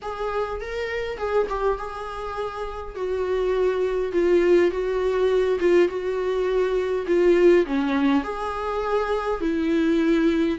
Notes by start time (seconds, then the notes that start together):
0.02 G#4
0.60 A#4
1.17 G#4
1.49 G4
1.78 G#4
2.95 F#4
4.12 F4
4.70 F#4
5.59 F4
5.88 F#4
7.06 F4
7.66 C#4
8.23 G#4
9.40 E4